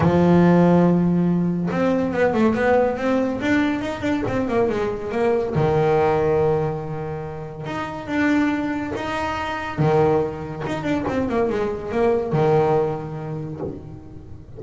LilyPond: \new Staff \with { instrumentName = "double bass" } { \time 4/4 \tempo 4 = 141 f1 | c'4 b8 a8 b4 c'4 | d'4 dis'8 d'8 c'8 ais8 gis4 | ais4 dis2.~ |
dis2 dis'4 d'4~ | d'4 dis'2 dis4~ | dis4 dis'8 d'8 c'8 ais8 gis4 | ais4 dis2. | }